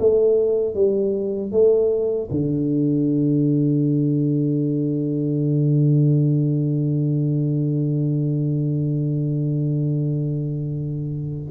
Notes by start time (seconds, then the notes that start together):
0.00 A3
0.75 G3
1.52 A3
2.31 D3